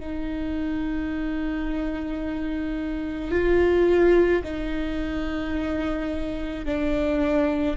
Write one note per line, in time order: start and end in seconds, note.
0.00 3.32 D#4
3.32 4.43 F4
4.44 6.66 D#4
6.66 7.77 D4